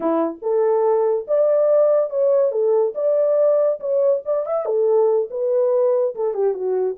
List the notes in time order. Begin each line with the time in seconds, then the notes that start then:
0.00 E4
0.41 A4
1.27 D5
2.10 C#5
2.51 A4
2.95 D5
3.79 C#5
4.25 D5
4.46 E5
4.65 A4
5.30 B4
6.15 A4
6.34 G4
6.54 F#4